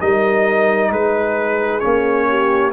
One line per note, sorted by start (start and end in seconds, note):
0.00 0.90 G3
0.00 1.81 D#4
0.00 0.91 A#4
0.00 0.91 D#5
0.90 1.81 G#3
0.90 2.29 G#4
0.90 1.80 B4
1.80 2.73 A#3
1.80 2.72 C#4
1.80 2.70 C#5
2.29 2.73 G4